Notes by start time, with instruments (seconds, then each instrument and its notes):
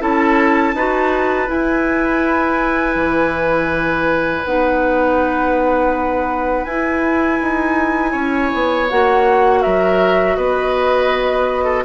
0.00 bassoon C#4, clarinet E4, oboe A4, flute A5
0.74 bassoon D#4, clarinet F#4, oboe B4
1.47 clarinet E4, bassoon E4, flute G#5
2.96 bassoon E3
4.45 bassoon B3, clarinet D#4, flute F#5
6.65 bassoon E4, clarinet E4, flute G#5
7.43 bassoon D#4
8.12 bassoon C#4, oboe C#5
8.55 bassoon B3
8.90 bassoon A#3, clarinet F#4, flute F#5
9.62 bassoon F#3, oboe A#4, flute E5
10.36 bassoon B3, oboe B4, flute D#5
11.65 oboe A4